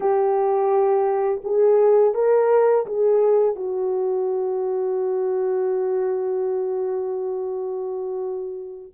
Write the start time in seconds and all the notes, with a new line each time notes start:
0.00 G4
1.44 G#4
2.14 A#4
2.86 G#4
3.55 F#4